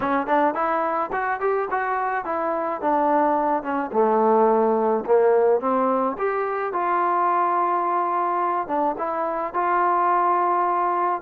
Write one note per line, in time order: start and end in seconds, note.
0.00 0.27 C#4
0.27 0.54 D4
0.54 1.10 E4
1.12 1.40 F#4
1.40 1.68 G4
1.70 2.25 F#4
2.25 2.81 E4
2.81 3.62 D4
3.62 3.90 C#4
3.92 5.04 A3
5.05 5.60 A#3
5.60 6.16 C4
6.18 6.72 G4
6.72 8.67 F4
8.67 8.95 D4
8.97 9.53 E4
9.53 11.21 F4